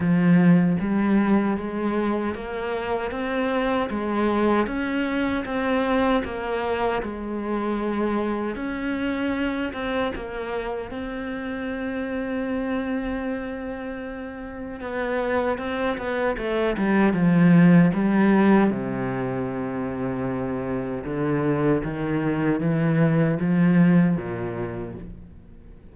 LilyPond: \new Staff \with { instrumentName = "cello" } { \time 4/4 \tempo 4 = 77 f4 g4 gis4 ais4 | c'4 gis4 cis'4 c'4 | ais4 gis2 cis'4~ | cis'8 c'8 ais4 c'2~ |
c'2. b4 | c'8 b8 a8 g8 f4 g4 | c2. d4 | dis4 e4 f4 ais,4 | }